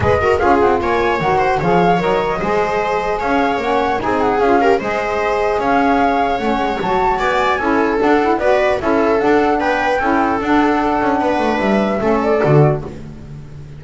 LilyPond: <<
  \new Staff \with { instrumentName = "flute" } { \time 4/4 \tempo 4 = 150 dis''4 f''8 fis''8 gis''4 fis''4 | f''4 dis''2. | f''4 fis''4 gis''8 fis''8 f''4 | dis''2 f''2 |
fis''4 a''4 gis''2 | fis''4 d''4 e''4 fis''4 | g''2 fis''2~ | fis''4 e''4. d''4. | }
  \new Staff \with { instrumentName = "viola" } { \time 4/4 b'8 ais'8 gis'4 cis''4. c''8 | cis''2 c''2 | cis''2 gis'4. ais'8 | c''2 cis''2~ |
cis''2 d''4 a'4~ | a'4 b'4 a'2 | b'4 a'2. | b'2 a'2 | }
  \new Staff \with { instrumentName = "saxophone" } { \time 4/4 gis'8 fis'8 f'2 fis'4 | gis'4 ais'4 gis'2~ | gis'4 cis'4 dis'4 f'8 g'8 | gis'1 |
cis'4 fis'2 e'4 | d'8 e'8 fis'4 e'4 d'4~ | d'4 e'4 d'2~ | d'2 cis'4 fis'4 | }
  \new Staff \with { instrumentName = "double bass" } { \time 4/4 gis4 cis'8 c'8 ais4 dis4 | f4 fis4 gis2 | cis'4 ais4 c'4 cis'4 | gis2 cis'2 |
a8 gis8 fis4 b4 cis'4 | d'4 b4 cis'4 d'4 | b4 cis'4 d'4. cis'8 | b8 a8 g4 a4 d4 | }
>>